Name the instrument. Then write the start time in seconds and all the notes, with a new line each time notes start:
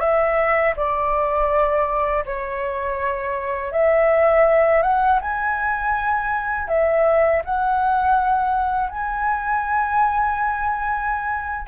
flute
0.00 E5
0.76 D5
2.26 C#5
3.72 E5
4.83 F#5
5.21 G#5
6.68 E5
7.45 F#5
8.90 G#5